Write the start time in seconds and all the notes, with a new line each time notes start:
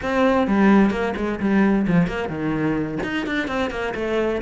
0.02 C4
0.47 G3
0.90 A#3
1.16 G#3
1.40 G3
1.87 F3
2.07 A#3
2.28 D#3
3.03 D#4
3.26 D4
3.47 C4
3.70 A#3
3.95 A3